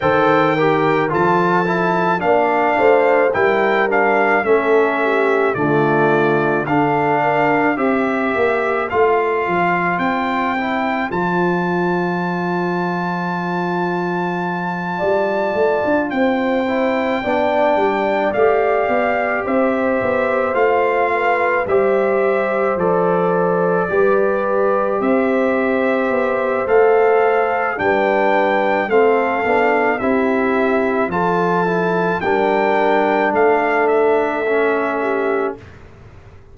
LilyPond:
<<
  \new Staff \with { instrumentName = "trumpet" } { \time 4/4 \tempo 4 = 54 g''4 a''4 f''4 g''8 f''8 | e''4 d''4 f''4 e''4 | f''4 g''4 a''2~ | a''2~ a''8 g''4.~ |
g''8 f''4 e''4 f''4 e''8~ | e''8 d''2 e''4. | f''4 g''4 f''4 e''4 | a''4 g''4 f''8 e''4. | }
  \new Staff \with { instrumentName = "horn" } { \time 4/4 c''8 ais'8 a'4 d''8 c''8 ais'4 | a'8 g'8 f'4 a'8 ais'8 c''4~ | c''1~ | c''4. d''4 c''4 d''8~ |
d''4. c''4. b'8 c''8~ | c''4. b'4 c''4.~ | c''4 b'4 a'4 g'4 | a'4 ais'4 a'4. g'8 | }
  \new Staff \with { instrumentName = "trombone" } { \time 4/4 a'8 g'8 f'8 e'8 d'4 e'8 d'8 | cis'4 a4 d'4 g'4 | f'4. e'8 f'2~ | f'2. e'8 d'8~ |
d'8 g'2 f'4 g'8~ | g'8 a'4 g'2~ g'8 | a'4 d'4 c'8 d'8 e'4 | f'8 e'8 d'2 cis'4 | }
  \new Staff \with { instrumentName = "tuba" } { \time 4/4 dis4 f4 ais8 a8 g4 | a4 d4 d'4 c'8 ais8 | a8 f8 c'4 f2~ | f4. g8 a16 d'16 c'4 b8 |
g8 a8 b8 c'8 b8 a4 g8~ | g8 f4 g4 c'4 b8 | a4 g4 a8 b8 c'4 | f4 g4 a2 | }
>>